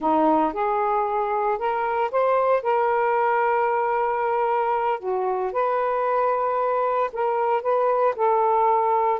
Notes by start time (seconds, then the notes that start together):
0.00 D#4
0.53 G#4
1.58 A#4
2.11 C5
2.62 A#4
4.99 F#4
5.52 B4
7.12 A#4
7.62 B4
8.16 A4